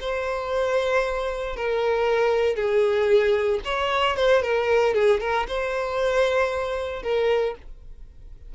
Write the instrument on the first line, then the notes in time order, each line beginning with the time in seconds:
violin
0.00 C5
1.56 A#4
2.55 G#4
3.64 C#5
4.16 C5
4.42 A#4
4.94 G#4
5.20 A#4
5.47 C5
7.02 A#4